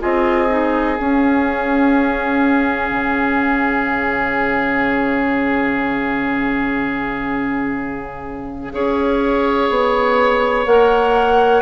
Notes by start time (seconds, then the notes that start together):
0.00 C4 F4 G#4 D#5
0.49 D#4
0.98 C#4 F5
2.91 C#3
8.73 C#4 G#4 C#5
9.70 B3
10.66 A#3 A#4 F#5